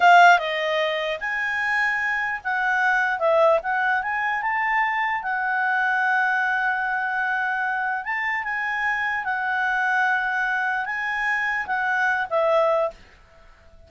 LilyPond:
\new Staff \with { instrumentName = "clarinet" } { \time 4/4 \tempo 4 = 149 f''4 dis''2 gis''4~ | gis''2 fis''2 | e''4 fis''4 gis''4 a''4~ | a''4 fis''2.~ |
fis''1 | a''4 gis''2 fis''4~ | fis''2. gis''4~ | gis''4 fis''4. e''4. | }